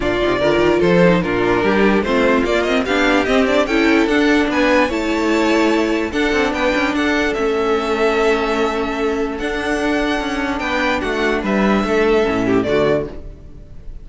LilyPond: <<
  \new Staff \with { instrumentName = "violin" } { \time 4/4 \tempo 4 = 147 d''2 c''4 ais'4~ | ais'4 c''4 d''8 dis''8 f''4 | dis''8 d''8 g''4 fis''4 gis''4 | a''2. fis''4 |
g''4 fis''4 e''2~ | e''2. fis''4~ | fis''2 g''4 fis''4 | e''2. d''4 | }
  \new Staff \with { instrumentName = "violin" } { \time 4/4 f'4 ais'4 a'4 f'4 | g'4 f'2 g'4~ | g'4 a'2 b'4 | cis''2. a'4 |
b'4 a'2.~ | a'1~ | a'2 b'4 fis'4 | b'4 a'4. g'8 fis'4 | }
  \new Staff \with { instrumentName = "viola" } { \time 4/4 d'8 dis'8 f'4. dis'8 d'4~ | d'4 c'4 ais8 c'8 d'4 | c'8 d'8 e'4 d'2 | e'2. d'4~ |
d'2 cis'2~ | cis'2. d'4~ | d'1~ | d'2 cis'4 a4 | }
  \new Staff \with { instrumentName = "cello" } { \time 4/4 ais,8 c8 d8 dis8 f4 ais,4 | g4 a4 ais4 b4 | c'4 cis'4 d'4 b4 | a2. d'8 c'8 |
b8 cis'8 d'4 a2~ | a2. d'4~ | d'4 cis'4 b4 a4 | g4 a4 a,4 d4 | }
>>